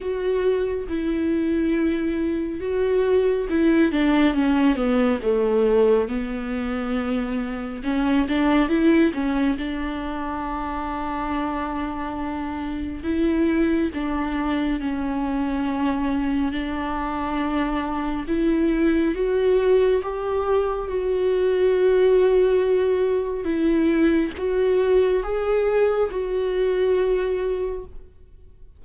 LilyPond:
\new Staff \with { instrumentName = "viola" } { \time 4/4 \tempo 4 = 69 fis'4 e'2 fis'4 | e'8 d'8 cis'8 b8 a4 b4~ | b4 cis'8 d'8 e'8 cis'8 d'4~ | d'2. e'4 |
d'4 cis'2 d'4~ | d'4 e'4 fis'4 g'4 | fis'2. e'4 | fis'4 gis'4 fis'2 | }